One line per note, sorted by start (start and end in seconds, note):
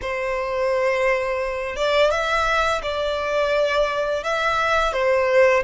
0.01 1.76 C5
1.76 2.10 D5
2.10 2.81 E5
2.82 4.23 D5
4.24 4.92 E5
4.92 5.63 C5